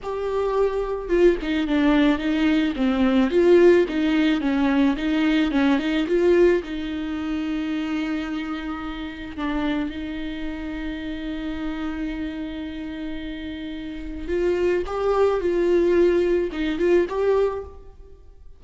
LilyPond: \new Staff \with { instrumentName = "viola" } { \time 4/4 \tempo 4 = 109 g'2 f'8 dis'8 d'4 | dis'4 c'4 f'4 dis'4 | cis'4 dis'4 cis'8 dis'8 f'4 | dis'1~ |
dis'4 d'4 dis'2~ | dis'1~ | dis'2 f'4 g'4 | f'2 dis'8 f'8 g'4 | }